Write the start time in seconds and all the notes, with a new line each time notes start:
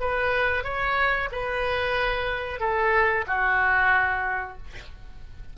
0.00 B4
0.63 C#5
1.31 B4
2.59 A4
3.27 F#4